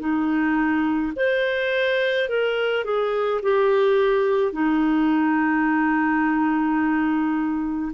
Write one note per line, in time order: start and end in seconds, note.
0.00 1.13 D#4
1.16 2.29 C5
2.29 2.85 A#4
2.85 3.41 G#4
3.43 4.53 G4
4.53 7.92 D#4